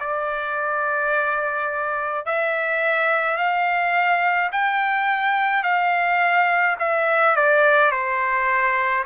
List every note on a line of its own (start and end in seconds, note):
0.00 2.26 D5
2.26 3.38 E5
3.38 4.51 F5
4.52 5.63 G5
5.63 6.76 F5
6.79 7.36 E5
7.36 7.91 D5
7.91 9.05 C5